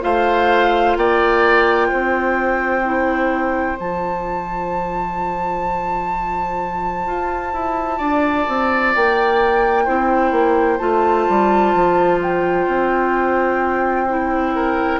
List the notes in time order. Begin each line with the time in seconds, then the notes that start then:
0.00 A3 F4 C5 F5
0.96 A#3 D5 G5
1.88 C4 C5
2.84 E4
3.77 F3 F4 A5
7.06 F4
7.53 E4
7.97 D4 D5
8.48 C4
8.95 A#3 G5
9.85 C4 E4 C5
10.31 A#3
10.78 A3 F4 A5
11.29 G3
11.74 F3
12.21 G5
12.67 C4
14.08 E4
14.55 A#4